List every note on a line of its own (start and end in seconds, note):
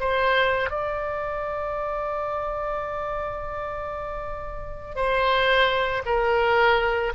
0.00 0.70 C5
0.70 4.96 D5
4.96 6.03 C5
6.06 7.13 A#4